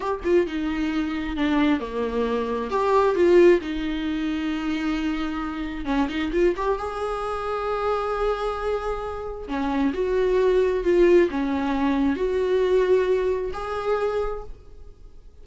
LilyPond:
\new Staff \with { instrumentName = "viola" } { \time 4/4 \tempo 4 = 133 g'8 f'8 dis'2 d'4 | ais2 g'4 f'4 | dis'1~ | dis'4 cis'8 dis'8 f'8 g'8 gis'4~ |
gis'1~ | gis'4 cis'4 fis'2 | f'4 cis'2 fis'4~ | fis'2 gis'2 | }